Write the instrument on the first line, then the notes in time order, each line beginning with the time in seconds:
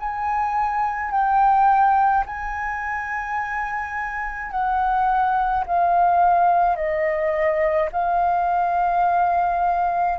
flute
0.00 G#5
1.12 G5
2.26 G#5
4.52 F#5
5.67 F5
6.76 D#5
7.92 F5